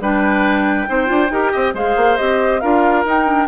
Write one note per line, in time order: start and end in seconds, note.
0.00 0.87 G3
0.00 0.87 D4
0.00 0.88 B4
0.00 1.75 G5
0.87 1.10 C4
0.87 1.05 D#4
0.87 1.32 C5
1.05 1.30 D4
1.05 1.27 F4
1.30 1.52 D#4
1.30 1.74 G4
1.30 1.52 A#4
1.52 1.73 C4
1.52 1.73 D#5
1.73 1.95 G#3
1.73 2.18 G#4
1.73 2.61 C5
1.73 2.16 F5
1.96 2.18 A#3
2.16 2.62 C4
2.16 2.61 G4
2.16 2.60 D#5
2.60 3.04 D4
2.60 3.05 F4
2.60 3.47 A#4
2.60 3.03 F5
3.04 3.47 D#4
3.04 3.26 D#4
3.04 3.47 G5
3.26 3.47 D4